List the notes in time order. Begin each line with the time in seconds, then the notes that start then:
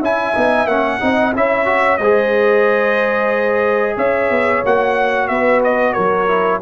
0.00 C#4 E4 E5 G#5
0.34 B3 D#4
0.66 A#3 C#4 F#5
1.00 C4 D#4 D#5
1.35 C#4 E4 C#5 E5
1.66 F#4
1.98 G#3 C5 D#5
2.04 G#4
3.97 C#4 C#5 E5
4.30 B3
4.64 A#3 F#4 F#5
5.28 B3 B4 E5
5.64 D#5
5.93 F#3 A#4 C#5
6.28 E4